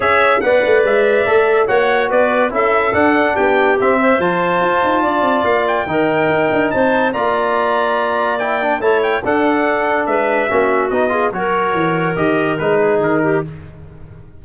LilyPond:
<<
  \new Staff \with { instrumentName = "trumpet" } { \time 4/4 \tempo 4 = 143 e''4 fis''4 e''2 | fis''4 d''4 e''4 fis''4 | g''4 e''4 a''2~ | a''4 f''8 g''2~ g''8 |
a''4 ais''2. | g''4 a''8 g''8 fis''2 | e''2 dis''4 cis''4~ | cis''4 dis''4 b'4 ais'4 | }
  \new Staff \with { instrumentName = "clarinet" } { \time 4/4 cis''4 d''2. | cis''4 b'4 a'2 | g'4. c''2~ c''8 | d''2 ais'2 |
c''4 d''2.~ | d''4 cis''4 a'2 | b'4 fis'4. gis'8 ais'4~ | ais'2~ ais'8 gis'4 g'8 | }
  \new Staff \with { instrumentName = "trombone" } { \time 4/4 gis'4 b'2 a'4 | fis'2 e'4 d'4~ | d'4 c'4 f'2~ | f'2 dis'2~ |
dis'4 f'2. | e'8 d'8 e'4 d'2~ | d'4 cis'4 dis'8 f'8 fis'4~ | fis'4 g'4 dis'2 | }
  \new Staff \with { instrumentName = "tuba" } { \time 4/4 cis'4 b8 a8 gis4 a4 | ais4 b4 cis'4 d'4 | b4 c'4 f4 f'8 dis'8 | d'8 c'8 ais4 dis4 dis'8 d'8 |
c'4 ais2.~ | ais4 a4 d'2 | gis4 ais4 b4 fis4 | e4 dis4 gis4 dis4 | }
>>